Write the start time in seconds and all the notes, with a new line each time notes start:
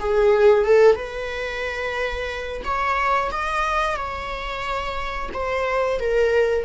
0.00 G#4
0.65 A4
0.95 B4
2.65 C#5
3.32 D#5
3.96 C#5
5.33 C5
6.00 A#4